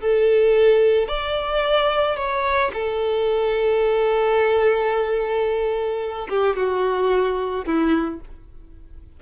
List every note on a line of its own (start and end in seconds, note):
0.00 1.08 A4
1.08 2.16 D5
2.16 2.71 C#5
2.73 6.28 A4
6.29 6.56 G4
6.56 7.65 F#4
7.65 8.20 E4